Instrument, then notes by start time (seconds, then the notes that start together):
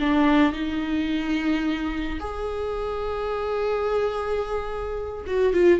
viola
0.00 D4
0.53 D#4
2.20 G#4
5.27 F#4
5.54 F4